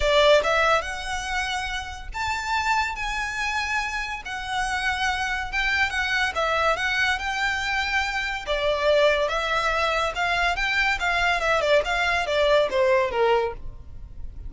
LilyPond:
\new Staff \with { instrumentName = "violin" } { \time 4/4 \tempo 4 = 142 d''4 e''4 fis''2~ | fis''4 a''2 gis''4~ | gis''2 fis''2~ | fis''4 g''4 fis''4 e''4 |
fis''4 g''2. | d''2 e''2 | f''4 g''4 f''4 e''8 d''8 | f''4 d''4 c''4 ais'4 | }